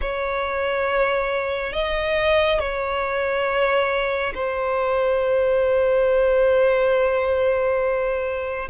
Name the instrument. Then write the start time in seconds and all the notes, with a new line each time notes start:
violin
0.01 C#5
1.72 D#5
2.59 C#5
4.34 C5